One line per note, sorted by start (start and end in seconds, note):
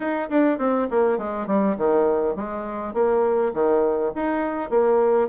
0.00 0.29 D#4
0.29 0.58 D4
0.58 0.87 C4
0.90 1.18 A#3
1.18 1.47 G#3
1.47 1.76 G3
1.77 2.35 D#3
2.35 2.93 G#3
2.93 3.52 A#3
3.53 4.12 D#3
4.15 4.70 D#4
4.70 5.28 A#3